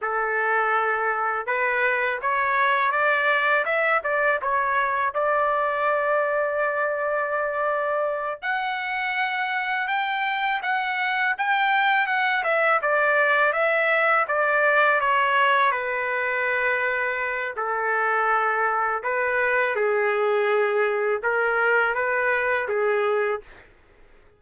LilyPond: \new Staff \with { instrumentName = "trumpet" } { \time 4/4 \tempo 4 = 82 a'2 b'4 cis''4 | d''4 e''8 d''8 cis''4 d''4~ | d''2.~ d''8 fis''8~ | fis''4. g''4 fis''4 g''8~ |
g''8 fis''8 e''8 d''4 e''4 d''8~ | d''8 cis''4 b'2~ b'8 | a'2 b'4 gis'4~ | gis'4 ais'4 b'4 gis'4 | }